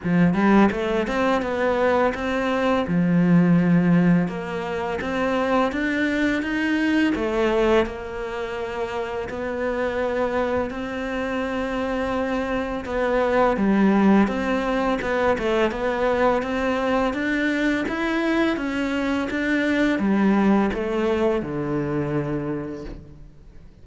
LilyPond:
\new Staff \with { instrumentName = "cello" } { \time 4/4 \tempo 4 = 84 f8 g8 a8 c'8 b4 c'4 | f2 ais4 c'4 | d'4 dis'4 a4 ais4~ | ais4 b2 c'4~ |
c'2 b4 g4 | c'4 b8 a8 b4 c'4 | d'4 e'4 cis'4 d'4 | g4 a4 d2 | }